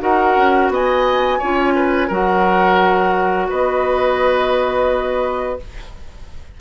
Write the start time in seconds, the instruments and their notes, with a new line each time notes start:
0.00 bassoon D#4, clarinet F#4, oboe A#4, flute F#5
0.37 bassoon C#4
0.70 bassoon B3, oboe D#5, flute G#5
1.39 bassoon C#4, clarinet F4, oboe C#5
1.76 oboe B4
2.08 bassoon F#3, clarinet F#4, oboe A#4, flute F#5
3.50 bassoon B3, oboe B4, flute D#5